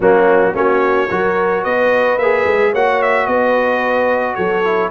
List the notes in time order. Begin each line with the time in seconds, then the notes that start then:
0.00 F#3 A#3 C#4 F#4
0.53 A#3 C#4 F#4 C#5
1.09 F#3 F#4 A#4
1.63 B3 B4 D#5
2.17 A#3 G#4 E5
2.45 G#3
2.72 A#3 F#4 C#5 F#5
3.01 E5
3.26 B3 B4 D#5
4.34 F#3 A4 C#5
4.64 E4